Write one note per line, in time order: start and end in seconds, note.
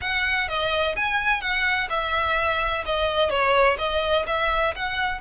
0.01 0.48 F#5
0.48 0.95 D#5
0.96 1.41 G#5
1.41 1.88 F#5
1.89 2.84 E5
2.85 3.29 D#5
3.29 3.77 C#5
3.78 4.25 D#5
4.26 4.74 E5
4.75 5.21 F#5